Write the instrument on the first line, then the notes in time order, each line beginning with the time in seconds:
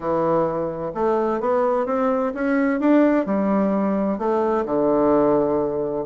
bassoon
0.00 E3
0.94 A3
1.40 B3
1.86 C4
2.34 C#4
2.79 D4
3.26 G3
4.18 A3
4.65 D3